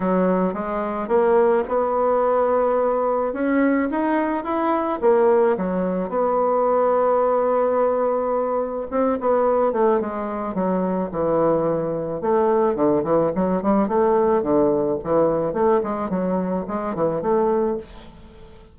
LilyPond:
\new Staff \with { instrumentName = "bassoon" } { \time 4/4 \tempo 4 = 108 fis4 gis4 ais4 b4~ | b2 cis'4 dis'4 | e'4 ais4 fis4 b4~ | b1 |
c'8 b4 a8 gis4 fis4 | e2 a4 d8 e8 | fis8 g8 a4 d4 e4 | a8 gis8 fis4 gis8 e8 a4 | }